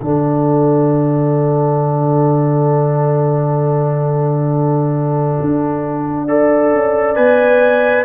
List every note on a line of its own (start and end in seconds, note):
0.00 5.39 D3
0.00 6.28 D4
0.00 6.28 A4
0.00 7.15 F#5
5.41 6.74 D4
6.28 7.16 A4
6.28 8.05 D5
6.74 7.18 C#4
7.15 8.05 B3
7.15 8.05 B4
7.15 8.05 G#5